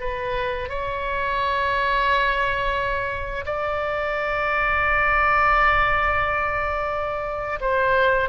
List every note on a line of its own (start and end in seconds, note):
0.00 0.69 B4
0.69 3.45 C#5
3.45 7.59 D5
7.60 8.29 C5